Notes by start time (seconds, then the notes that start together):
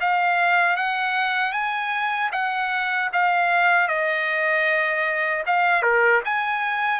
0.00 F5
0.76 F#5
1.52 G#5
2.32 F#5
3.12 F5
3.87 D#5
5.46 F5
5.82 A#4
6.24 G#5